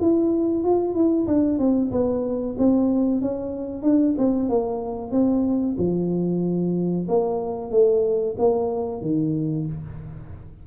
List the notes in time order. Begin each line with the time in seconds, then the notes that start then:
0.00 E4
0.63 F4
0.94 E4
1.27 D4
1.58 C4
1.91 B3
2.58 C4
3.21 C#4
3.82 D4
4.17 C4
4.49 A#3
5.11 C4
5.78 F3
7.08 A#3
7.71 A3
8.38 A#3
9.01 D#3